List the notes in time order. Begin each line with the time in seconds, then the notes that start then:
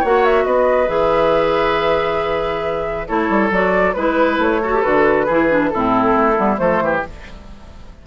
0.00 A#3 F#4 C#5 F#5
0.25 E5
0.45 B3 B4 D#5
0.88 E3 G#4 E5
3.08 A3 E4 A4 C#5
3.30 G3
3.51 F#3 F#4 D5
3.94 G#3 E4 B4
4.39 A3 C#5
4.62 F#4 A4
4.74 G4
4.82 D3 F#4 B4
5.26 E3 E4 G#4
5.50 D4
5.70 A2 C4 E4 A4
6.16 A3
6.36 G3 B3
6.57 F3 A3 A4 C5
6.81 E3 G4